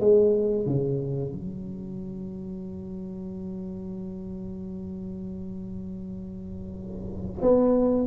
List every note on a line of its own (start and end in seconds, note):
0.00 0.66 G#3
0.66 1.32 C#3
1.32 7.41 F#3
7.41 8.07 B3